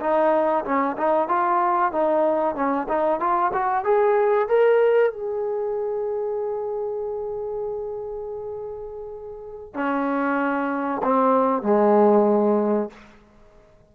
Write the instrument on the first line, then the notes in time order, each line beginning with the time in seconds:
trombone
0.00 D#4
0.64 C#4
0.97 D#4
1.28 F4
1.91 D#4
2.55 C#4
2.88 D#4
3.19 F4
3.53 F#4
3.84 G#4
4.48 A#4
5.12 G#4
9.73 C#4
11.03 C4
11.62 G#3